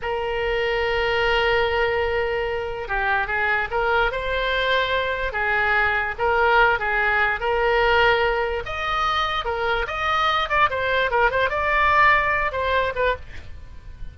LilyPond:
\new Staff \with { instrumentName = "oboe" } { \time 4/4 \tempo 4 = 146 ais'1~ | ais'2. g'4 | gis'4 ais'4 c''2~ | c''4 gis'2 ais'4~ |
ais'8 gis'4. ais'2~ | ais'4 dis''2 ais'4 | dis''4. d''8 c''4 ais'8 c''8 | d''2~ d''8 c''4 b'8 | }